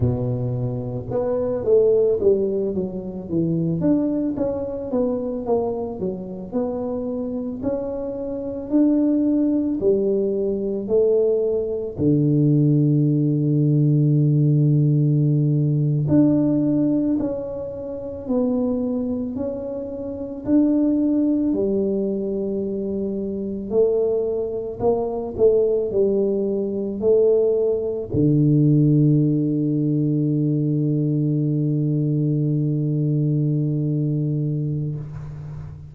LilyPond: \new Staff \with { instrumentName = "tuba" } { \time 4/4 \tempo 4 = 55 b,4 b8 a8 g8 fis8 e8 d'8 | cis'8 b8 ais8 fis8 b4 cis'4 | d'4 g4 a4 d4~ | d2~ d8. d'4 cis'16~ |
cis'8. b4 cis'4 d'4 g16~ | g4.~ g16 a4 ais8 a8 g16~ | g8. a4 d2~ d16~ | d1 | }